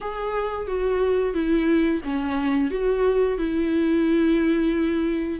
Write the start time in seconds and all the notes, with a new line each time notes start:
0.00 G#4
0.67 F#4
1.33 E4
2.04 C#4
2.71 F#4
3.38 E4